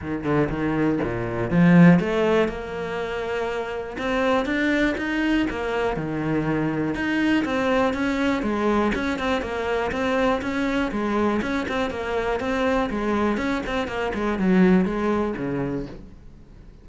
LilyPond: \new Staff \with { instrumentName = "cello" } { \time 4/4 \tempo 4 = 121 dis8 d8 dis4 ais,4 f4 | a4 ais2. | c'4 d'4 dis'4 ais4 | dis2 dis'4 c'4 |
cis'4 gis4 cis'8 c'8 ais4 | c'4 cis'4 gis4 cis'8 c'8 | ais4 c'4 gis4 cis'8 c'8 | ais8 gis8 fis4 gis4 cis4 | }